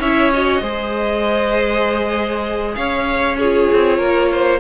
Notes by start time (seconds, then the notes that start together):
0.00 C#4 E4 C#5 E5
0.33 F#4 D#5
0.62 G#3 G#4 C5
2.75 C#4 C#5 F5
3.39 F4 G#4 C#5
3.73 C4
3.99 A#3 A#4
4.33 C5